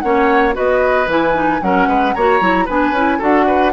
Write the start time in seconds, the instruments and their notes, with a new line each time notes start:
0.00 bassoon A#3, clarinet C#4, oboe C#5, flute F#5
0.53 bassoon B3, clarinet F#4, oboe B4, flute D#5
1.07 bassoon E3, clarinet E4, flute G#5
1.33 clarinet D#4
1.62 bassoon F#3, clarinet C#4, oboe A#4, flute F#5
1.87 bassoon G#3, oboe B4
2.14 bassoon A#3, clarinet F#4, oboe C#5, flute A#5
2.40 bassoon F#3, clarinet E4
2.65 bassoon B3, clarinet D4, oboe B4, flute G#5
2.91 bassoon C#4, clarinet E4
3.18 bassoon D4, clarinet F#4, oboe A4, flute F#5
3.47 oboe B4